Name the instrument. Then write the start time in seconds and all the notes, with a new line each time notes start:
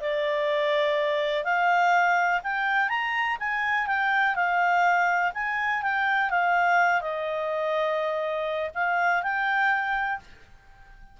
clarinet
0.00 D5
1.44 F5
2.43 G5
2.89 A#5
3.39 G#5
3.86 G5
4.35 F5
5.34 G#5
5.82 G5
6.30 F5
7.01 D#5
8.74 F5
9.22 G5